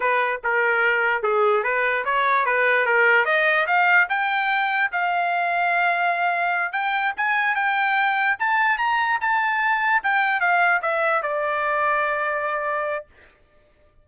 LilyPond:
\new Staff \with { instrumentName = "trumpet" } { \time 4/4 \tempo 4 = 147 b'4 ais'2 gis'4 | b'4 cis''4 b'4 ais'4 | dis''4 f''4 g''2 | f''1~ |
f''8 g''4 gis''4 g''4.~ | g''8 a''4 ais''4 a''4.~ | a''8 g''4 f''4 e''4 d''8~ | d''1 | }